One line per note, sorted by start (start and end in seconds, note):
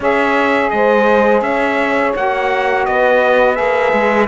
0.00 0.70 C#4
0.00 2.16 G#4
0.00 0.71 C#5
0.00 0.70 E5
0.70 1.41 G#3
0.70 1.44 C5
0.70 1.41 D#5
1.41 2.13 C#4
1.41 2.87 C#5
1.41 2.13 E5
2.15 2.87 A#3
2.15 3.54 F#4
2.15 2.85 F#5
2.85 3.58 B3
2.85 4.27 B4
2.85 3.55 D#5
3.54 3.92 A#3
3.54 4.26 G#4
3.54 4.26 E5
3.92 4.27 G#3